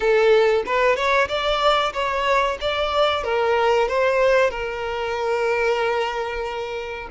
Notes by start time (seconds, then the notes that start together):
0.00 A4
0.66 B4
0.95 C#5
1.28 D5
1.93 C#5
2.60 D5
3.23 A#4
3.88 C5
4.50 A#4